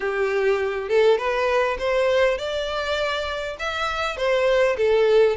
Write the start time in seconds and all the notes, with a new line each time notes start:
0.00 G4
0.89 A4
1.17 B4
1.78 C5
2.38 D5
3.59 E5
4.17 C5
4.77 A4